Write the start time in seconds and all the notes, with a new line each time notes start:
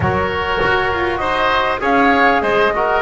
0.00 F#3 F#4 A#4 C#5
0.64 F#4
0.92 F4
1.16 D#4 C5 D#5
1.80 C#4 G#4 C#5 F5
2.41 G#3 C5 D#5
2.74 F#4 A#4